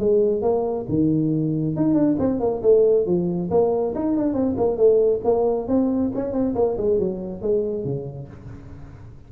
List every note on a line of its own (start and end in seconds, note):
0.00 0.42 G#3
0.42 0.86 A#3
0.89 1.77 D#3
1.77 1.94 D#4
1.94 2.16 D4
2.19 2.40 C4
2.40 2.62 A#3
2.63 3.07 A3
3.07 3.51 F3
3.51 3.95 A#3
3.96 4.17 D#4
4.17 4.34 D4
4.34 4.56 C4
4.58 4.77 A#3
4.77 5.21 A3
5.25 5.68 A#3
5.68 6.12 C4
6.16 6.33 C#4
6.33 6.55 C4
6.55 6.77 A#3
6.78 7.00 G#3
7.00 7.42 F#3
7.42 7.85 G#3
7.85 8.29 C#3